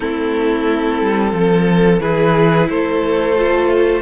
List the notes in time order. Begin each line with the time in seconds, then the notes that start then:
0.00 A3 C4 E4 A4
1.01 G3
1.32 F3 A4
2.00 E3 E4 G#4 B4
2.69 A3 A4 C5
3.35 F4